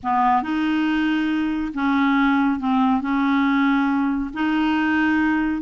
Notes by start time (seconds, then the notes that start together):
0.03 B3
0.42 D#4
1.74 C#4
2.59 C4
3.01 C#4
4.33 D#4